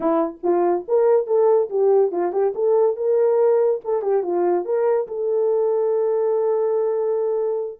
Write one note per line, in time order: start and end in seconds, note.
0.00 0.38 E4
0.43 0.85 F4
0.88 1.27 A#4
1.27 1.69 A4
1.69 2.11 G4
2.11 2.32 F4
2.32 2.53 G4
2.55 2.96 A4
2.96 3.80 A#4
3.84 4.01 A4
4.01 4.23 G4
4.23 4.65 F4
4.65 5.07 A#4
5.07 7.80 A4